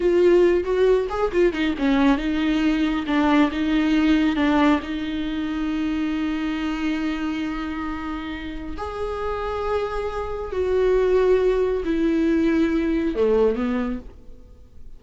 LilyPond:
\new Staff \with { instrumentName = "viola" } { \time 4/4 \tempo 4 = 137 f'4. fis'4 gis'8 f'8 dis'8 | cis'4 dis'2 d'4 | dis'2 d'4 dis'4~ | dis'1~ |
dis'1 | gis'1 | fis'2. e'4~ | e'2 a4 b4 | }